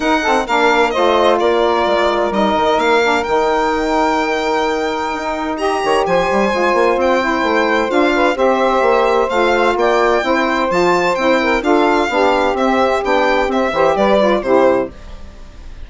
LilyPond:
<<
  \new Staff \with { instrumentName = "violin" } { \time 4/4 \tempo 4 = 129 fis''4 f''4 dis''4 d''4~ | d''4 dis''4 f''4 g''4~ | g''1 | ais''4 gis''2 g''4~ |
g''4 f''4 e''2 | f''4 g''2 a''4 | g''4 f''2 e''4 | g''4 e''4 d''4 c''4 | }
  \new Staff \with { instrumentName = "saxophone" } { \time 4/4 ais'8 a'8 ais'4 c''4 ais'4~ | ais'1~ | ais'1 | dis''8 cis''8 c''2.~ |
c''4. b'8 c''2~ | c''4 d''4 c''2~ | c''8 ais'8 a'4 g'2~ | g'4. c''8 b'4 g'4 | }
  \new Staff \with { instrumentName = "saxophone" } { \time 4/4 dis'8 c'8 d'4 f'2~ | f'4 dis'4. d'8 dis'4~ | dis'1 | g'2 f'4. e'8~ |
e'4 f'4 g'2 | f'2 e'4 f'4 | e'4 f'4 d'4 c'4 | d'4 c'8 g'4 f'8 e'4 | }
  \new Staff \with { instrumentName = "bassoon" } { \time 4/4 dis'4 ais4 a4 ais4 | gis4 g8 dis8 ais4 dis4~ | dis2. dis'4~ | dis'8 dis8 f8 g8 gis8 ais8 c'4 |
a4 d'4 c'4 ais4 | a4 ais4 c'4 f4 | c'4 d'4 b4 c'4 | b4 c'8 e8 g4 c4 | }
>>